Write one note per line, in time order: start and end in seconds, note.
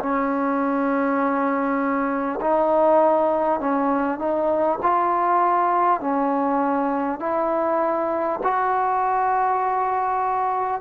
0.00 2.40 C#4
2.41 3.61 D#4
3.61 4.19 C#4
4.19 4.79 D#4
4.83 6.01 F4
6.01 7.20 C#4
7.20 8.40 E4
8.43 10.81 F#4